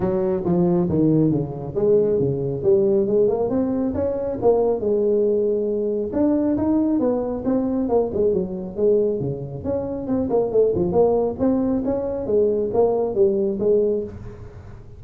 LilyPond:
\new Staff \with { instrumentName = "tuba" } { \time 4/4 \tempo 4 = 137 fis4 f4 dis4 cis4 | gis4 cis4 g4 gis8 ais8 | c'4 cis'4 ais4 gis4~ | gis2 d'4 dis'4 |
b4 c'4 ais8 gis8 fis4 | gis4 cis4 cis'4 c'8 ais8 | a8 f8 ais4 c'4 cis'4 | gis4 ais4 g4 gis4 | }